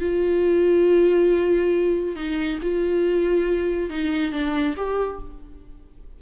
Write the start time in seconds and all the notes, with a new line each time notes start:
0.00 F4
2.16 D#4
2.62 F4
3.89 D#4
4.31 D4
4.76 G4